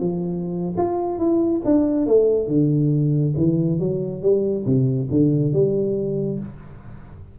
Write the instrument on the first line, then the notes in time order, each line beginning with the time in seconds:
tuba
0.00 F3
0.77 F4
1.19 E4
1.65 D4
2.06 A3
2.48 D3
3.37 E3
3.79 F#3
4.22 G3
4.66 C3
5.10 D3
5.53 G3